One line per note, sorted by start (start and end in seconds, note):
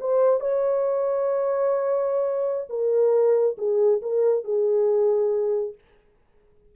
0.00 0.40 C5
0.40 2.68 C#5
2.69 3.56 A#4
3.58 4.01 G#4
4.02 4.44 A#4
4.44 5.74 G#4